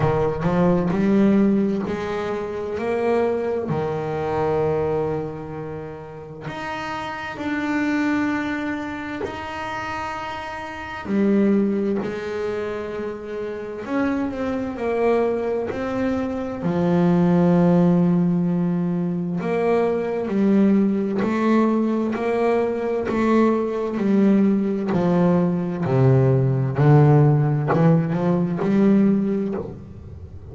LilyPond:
\new Staff \with { instrumentName = "double bass" } { \time 4/4 \tempo 4 = 65 dis8 f8 g4 gis4 ais4 | dis2. dis'4 | d'2 dis'2 | g4 gis2 cis'8 c'8 |
ais4 c'4 f2~ | f4 ais4 g4 a4 | ais4 a4 g4 f4 | c4 d4 e8 f8 g4 | }